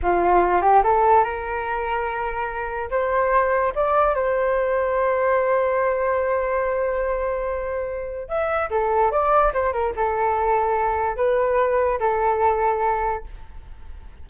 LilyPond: \new Staff \with { instrumentName = "flute" } { \time 4/4 \tempo 4 = 145 f'4. g'8 a'4 ais'4~ | ais'2. c''4~ | c''4 d''4 c''2~ | c''1~ |
c''1 | e''4 a'4 d''4 c''8 ais'8 | a'2. b'4~ | b'4 a'2. | }